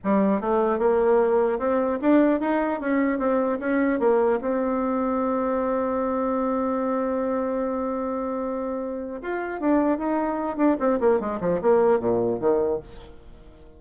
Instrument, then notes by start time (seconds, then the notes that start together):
bassoon
0.03 G3
0.41 A3
0.79 A#3
1.59 C4
2.01 D4
2.40 D#4
2.80 C#4
3.18 C4
3.59 C#4
3.99 A#3
4.41 C4
9.21 F4
9.60 D4
9.97 D#4
10.57 D4
10.79 C4
10.99 A#3
11.19 G#3
11.40 F3
11.61 A#3
11.99 A#2
12.39 D#3